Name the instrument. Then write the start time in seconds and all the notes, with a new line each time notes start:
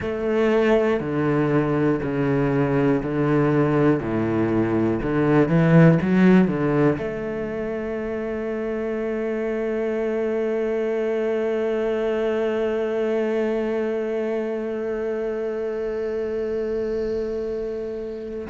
cello
0.00 A3
1.00 D3
2.01 C#3
3.02 D3
4.00 A2
5.02 D3
5.48 E3
6.01 F#3
6.47 D3
6.98 A3